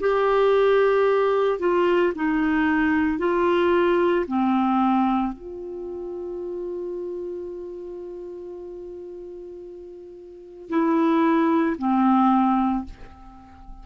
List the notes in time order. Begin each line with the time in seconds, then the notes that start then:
0.00 G4
1.59 F4
2.15 D#4
3.18 F4
4.27 C4
5.33 F4
10.69 E4
11.78 C4